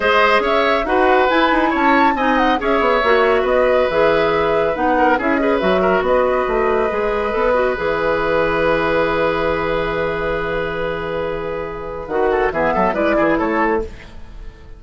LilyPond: <<
  \new Staff \with { instrumentName = "flute" } { \time 4/4 \tempo 4 = 139 dis''4 e''4 fis''4 gis''4 | a''4 gis''8 fis''8 e''2 | dis''4 e''2 fis''4 | e''8 dis''8 e''4 dis''2~ |
dis''2 e''2~ | e''1~ | e''1 | fis''4 e''4 d''4 cis''4 | }
  \new Staff \with { instrumentName = "oboe" } { \time 4/4 c''4 cis''4 b'2 | cis''4 dis''4 cis''2 | b'2.~ b'8 ais'8 | gis'8 b'4 ais'8 b'2~ |
b'1~ | b'1~ | b'1~ | b'8 a'8 gis'8 a'8 b'8 gis'8 a'4 | }
  \new Staff \with { instrumentName = "clarinet" } { \time 4/4 gis'2 fis'4 e'4~ | e'4 dis'4 gis'4 fis'4~ | fis'4 gis'2 dis'4 | e'8 gis'8 fis'2. |
gis'4 a'8 fis'8 gis'2~ | gis'1~ | gis'1 | fis'4 b4 e'2 | }
  \new Staff \with { instrumentName = "bassoon" } { \time 4/4 gis4 cis'4 dis'4 e'8 dis'8 | cis'4 c'4 cis'8 b8 ais4 | b4 e2 b4 | cis'4 fis4 b4 a4 |
gis4 b4 e2~ | e1~ | e1 | dis4 e8 fis8 gis8 e8 a4 | }
>>